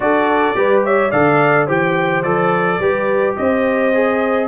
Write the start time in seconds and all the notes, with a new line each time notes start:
0.00 D4 F#4 A4 D5
0.55 G3 G4 B4
0.84 C#5 E5
1.10 D3 A4 D5 F5
1.66 E3 G4 C5 G5
2.23 F3 A4 D5
2.79 G3 G4 B4
3.36 C4 C5 D#5
3.93 G#4